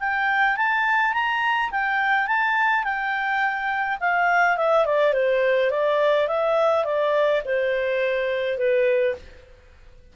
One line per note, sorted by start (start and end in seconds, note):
0.00 0.57 G5
0.57 1.13 A5
1.13 1.70 A#5
1.71 2.27 G5
2.27 2.84 A5
2.84 3.98 G5
4.00 4.57 F5
4.57 4.85 E5
4.85 5.14 D5
5.14 5.71 C5
5.71 6.28 D5
6.28 6.85 E5
6.85 7.42 D5
7.45 8.58 C5
8.58 9.15 B4